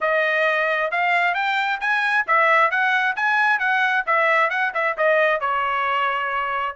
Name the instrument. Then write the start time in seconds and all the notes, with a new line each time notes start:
trumpet
0.00 D#5
0.91 F5
1.34 G5
1.80 G#5
2.27 E5
2.70 F#5
3.16 G#5
3.59 F#5
4.06 E5
4.50 F#5
4.74 E5
4.97 D#5
5.40 C#5